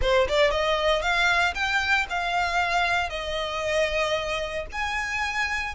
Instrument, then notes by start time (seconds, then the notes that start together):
violin
0.01 C5
0.28 D5
0.50 D#5
1.02 F5
1.54 G5
2.09 F5
3.09 D#5
4.71 G#5